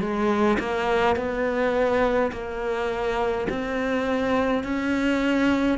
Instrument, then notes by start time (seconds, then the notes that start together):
cello
0.00 G#3
0.59 A#3
1.16 B3
2.32 A#3
3.49 C4
4.64 C#4